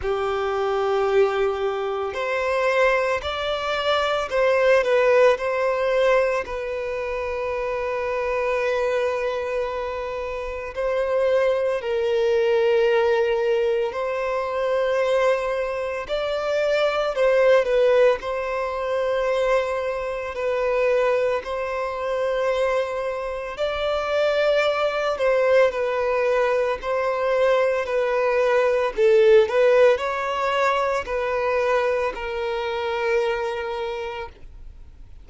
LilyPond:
\new Staff \with { instrumentName = "violin" } { \time 4/4 \tempo 4 = 56 g'2 c''4 d''4 | c''8 b'8 c''4 b'2~ | b'2 c''4 ais'4~ | ais'4 c''2 d''4 |
c''8 b'8 c''2 b'4 | c''2 d''4. c''8 | b'4 c''4 b'4 a'8 b'8 | cis''4 b'4 ais'2 | }